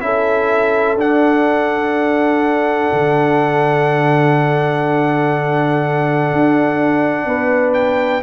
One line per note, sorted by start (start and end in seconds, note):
0.00 0.96 C#4
0.00 0.97 E4
0.00 7.26 A4
0.00 0.97 E5
0.96 2.89 D4
0.96 8.22 D4
0.96 7.73 F#5
2.92 6.31 D3
6.31 7.25 D4
7.25 8.22 B3
7.25 8.22 B4
7.73 8.21 G5